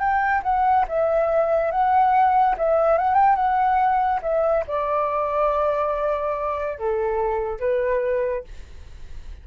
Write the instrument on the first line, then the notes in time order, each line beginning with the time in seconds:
flute
0.00 G5
0.43 F#5
0.88 E5
1.71 F#5
2.58 E5
2.98 F#5
3.15 G5
3.36 F#5
4.22 E5
4.67 D5
6.79 A4
7.60 B4